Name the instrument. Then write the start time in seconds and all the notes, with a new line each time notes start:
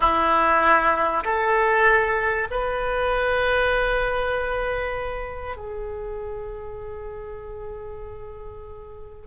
oboe
0.00 E4
1.24 A4
2.51 B4
5.56 G#4